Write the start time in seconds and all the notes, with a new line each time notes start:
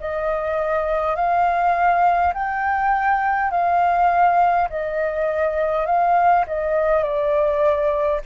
0.00 D#5
1.16 F5
2.34 G5
3.51 F5
4.70 D#5
5.86 F5
6.47 D#5
7.03 D5